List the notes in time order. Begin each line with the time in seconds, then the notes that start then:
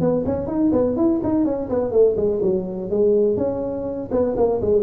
0.00 B3
0.26 C#4
0.47 D#4
0.72 B3
0.96 E4
1.23 D#4
1.45 C#4
1.69 B3
1.91 A3
2.16 G#3
2.42 F#3
2.90 G#3
3.37 C#4
4.11 B3
4.36 A#3
4.61 G#3